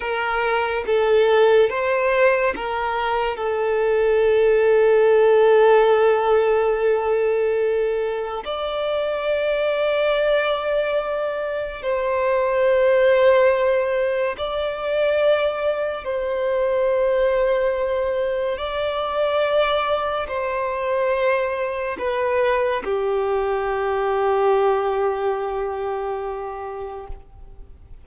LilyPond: \new Staff \with { instrumentName = "violin" } { \time 4/4 \tempo 4 = 71 ais'4 a'4 c''4 ais'4 | a'1~ | a'2 d''2~ | d''2 c''2~ |
c''4 d''2 c''4~ | c''2 d''2 | c''2 b'4 g'4~ | g'1 | }